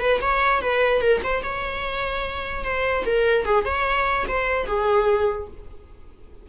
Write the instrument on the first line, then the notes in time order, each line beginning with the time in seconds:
viola
0.00 B4
0.21 C#5
0.61 B4
1.01 A#4
1.23 C5
1.43 C#5
2.64 C5
3.05 A#4
3.45 G#4
3.64 C#5
4.28 C5
4.66 G#4